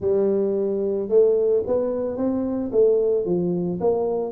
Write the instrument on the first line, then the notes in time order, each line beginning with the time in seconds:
tuba
0.00 G3
1.08 A3
1.67 B3
2.16 C4
2.71 A3
3.25 F3
3.80 A#3